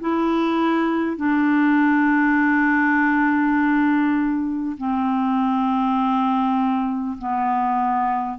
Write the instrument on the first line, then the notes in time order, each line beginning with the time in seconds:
clarinet
0.00 E4
1.16 D4
4.77 C4
7.18 B3